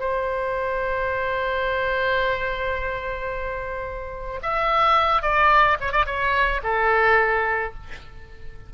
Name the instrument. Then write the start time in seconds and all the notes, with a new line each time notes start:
oboe
0.00 C5
4.43 E5
5.22 D5
5.81 C#5
5.92 D5
6.06 C#5
6.64 A4